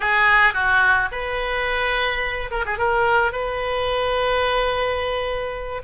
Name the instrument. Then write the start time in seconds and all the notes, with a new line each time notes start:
oboe
0.00 G#4
0.53 F#4
1.11 B4
2.50 A#4
2.65 G#4
2.78 A#4
3.32 B4